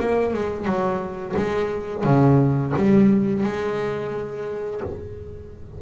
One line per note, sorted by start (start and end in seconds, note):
0.00 0.34 A#3
0.34 0.66 G#3
0.66 1.35 F#3
1.37 2.04 G#3
2.04 2.73 C#3
2.76 3.44 G3
3.44 4.82 G#3